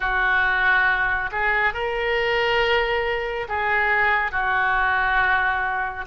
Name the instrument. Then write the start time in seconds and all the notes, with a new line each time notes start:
oboe
0.00 F#4
1.31 G#4
1.74 A#4
3.48 G#4
4.31 F#4